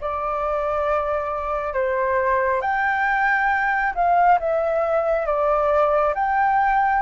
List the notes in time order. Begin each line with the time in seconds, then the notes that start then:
0.00 D5
1.73 C5
2.61 G5
3.94 F5
4.39 E5
5.25 D5
6.14 G5